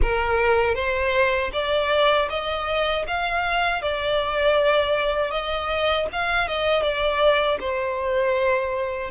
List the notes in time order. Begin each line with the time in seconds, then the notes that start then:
0.02 A#4
0.75 C5
1.52 D5
2.29 D#5
3.07 F5
3.82 D5
5.30 D#5
6.12 F5
6.47 D#5
6.82 D5
7.59 C5